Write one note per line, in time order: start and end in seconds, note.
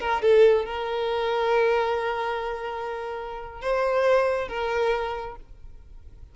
0.00 0.22 A#4
0.22 0.66 A4
0.66 3.62 A#4
3.62 4.49 C5
4.49 5.36 A#4